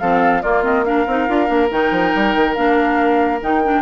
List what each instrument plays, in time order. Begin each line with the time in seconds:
0.00 bassoon F3, clarinet C4, oboe A4, flute F5
0.42 clarinet A#3, bassoon A#3, oboe F4, flute D5
0.63 clarinet C4, flute D#5
0.84 clarinet D4, oboe A#4, flute F5
1.06 bassoon C4, clarinet D#4
1.28 bassoon D4, clarinet F4
1.46 bassoon A#3, clarinet D4
1.71 bassoon D#3, clarinet D#4, flute G5
1.91 bassoon F3
2.15 bassoon G3
2.35 bassoon D#3
2.54 bassoon A#3, clarinet D4, flute F5
3.41 bassoon D#3, clarinet D#4, flute G5
3.63 clarinet D4